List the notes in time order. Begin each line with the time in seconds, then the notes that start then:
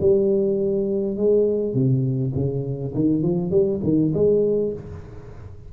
0.00 G3
1.17 G#3
1.74 C3
2.34 C#3
2.94 D#3
3.22 F3
3.51 G3
3.83 D#3
4.14 G#3